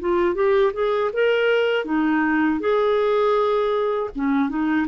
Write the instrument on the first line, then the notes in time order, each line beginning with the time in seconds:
clarinet
0.00 F4
0.35 G4
0.73 G#4
1.13 A#4
1.85 D#4
2.60 G#4
4.15 C#4
4.49 D#4